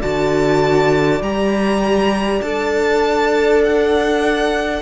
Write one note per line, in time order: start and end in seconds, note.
0.00 1.21 D3
0.00 1.23 F#4
0.00 4.80 D5
0.00 1.23 A5
1.21 2.41 G3
1.21 2.44 G4
1.21 2.42 A#5
2.42 4.82 D4
2.42 4.82 A4
2.42 3.62 A5
3.65 4.82 F#5